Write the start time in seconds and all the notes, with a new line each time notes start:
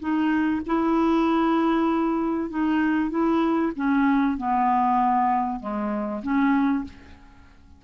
0.00 D#4
0.66 E4
2.50 D#4
3.11 E4
3.76 C#4
4.38 B3
5.60 G#3
6.23 C#4